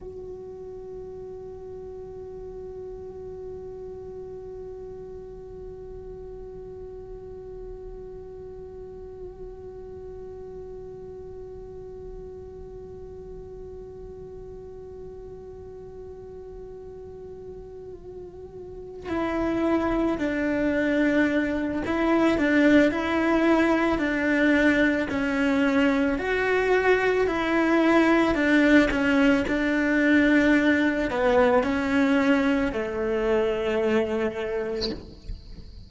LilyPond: \new Staff \with { instrumentName = "cello" } { \time 4/4 \tempo 4 = 55 fis'1~ | fis'1~ | fis'1~ | fis'1~ |
fis'4. e'4 d'4. | e'8 d'8 e'4 d'4 cis'4 | fis'4 e'4 d'8 cis'8 d'4~ | d'8 b8 cis'4 a2 | }